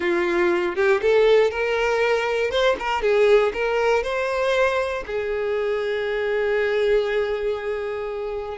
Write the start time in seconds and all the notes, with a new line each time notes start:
0.00 F4
0.75 G4
1.01 A4
1.50 A#4
2.50 C5
2.79 A#4
3.02 G#4
3.53 A#4
4.03 C5
5.06 G#4